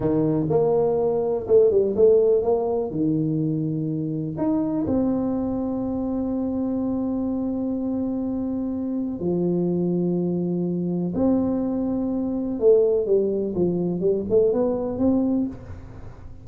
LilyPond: \new Staff \with { instrumentName = "tuba" } { \time 4/4 \tempo 4 = 124 dis4 ais2 a8 g8 | a4 ais4 dis2~ | dis4 dis'4 c'2~ | c'1~ |
c'2. f4~ | f2. c'4~ | c'2 a4 g4 | f4 g8 a8 b4 c'4 | }